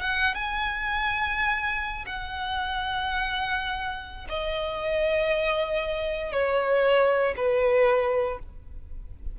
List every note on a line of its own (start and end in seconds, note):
0.00 0.34 F#5
0.34 2.05 G#5
2.06 4.27 F#5
4.29 6.32 D#5
6.32 7.34 C#5
7.36 8.39 B4